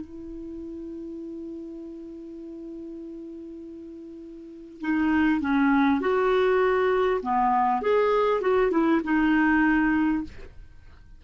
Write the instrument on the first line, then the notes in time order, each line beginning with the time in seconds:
clarinet
0.00 E4
4.81 D#4
5.40 C#4
6.00 F#4
7.22 B3
7.81 G#4
8.41 F#4
8.71 E4
9.03 D#4